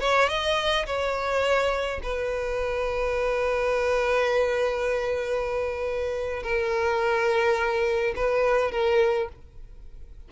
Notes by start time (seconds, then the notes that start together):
0.00 C#5
0.28 D#5
0.86 C#5
2.02 B4
6.42 A#4
8.16 B4
8.71 A#4